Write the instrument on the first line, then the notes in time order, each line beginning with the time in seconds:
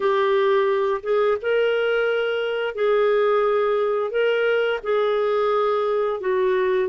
clarinet
0.00 G4
1.03 G#4
1.41 A#4
2.74 G#4
4.10 A#4
4.83 G#4
6.20 F#4